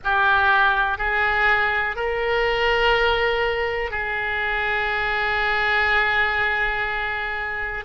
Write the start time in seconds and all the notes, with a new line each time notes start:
0.04 G4
0.98 G#4
1.95 A#4
3.91 G#4